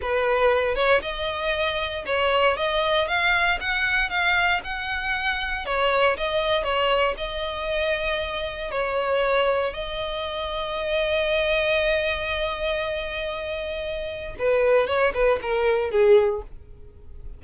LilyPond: \new Staff \with { instrumentName = "violin" } { \time 4/4 \tempo 4 = 117 b'4. cis''8 dis''2 | cis''4 dis''4 f''4 fis''4 | f''4 fis''2 cis''4 | dis''4 cis''4 dis''2~ |
dis''4 cis''2 dis''4~ | dis''1~ | dis''1 | b'4 cis''8 b'8 ais'4 gis'4 | }